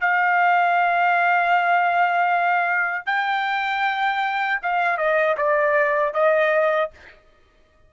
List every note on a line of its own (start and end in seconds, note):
0.00 3.06 F5
3.06 4.59 G5
4.62 4.98 F5
4.98 5.36 D#5
5.37 6.13 D5
6.13 6.90 D#5